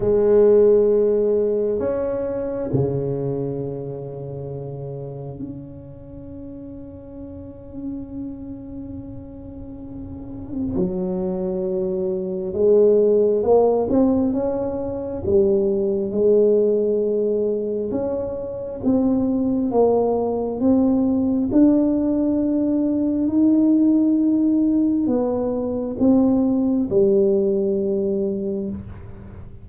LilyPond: \new Staff \with { instrumentName = "tuba" } { \time 4/4 \tempo 4 = 67 gis2 cis'4 cis4~ | cis2 cis'2~ | cis'1 | fis2 gis4 ais8 c'8 |
cis'4 g4 gis2 | cis'4 c'4 ais4 c'4 | d'2 dis'2 | b4 c'4 g2 | }